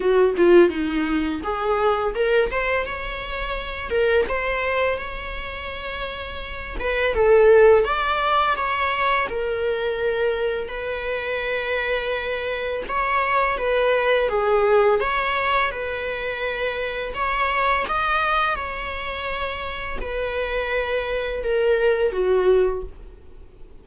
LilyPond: \new Staff \with { instrumentName = "viola" } { \time 4/4 \tempo 4 = 84 fis'8 f'8 dis'4 gis'4 ais'8 c''8 | cis''4. ais'8 c''4 cis''4~ | cis''4. b'8 a'4 d''4 | cis''4 ais'2 b'4~ |
b'2 cis''4 b'4 | gis'4 cis''4 b'2 | cis''4 dis''4 cis''2 | b'2 ais'4 fis'4 | }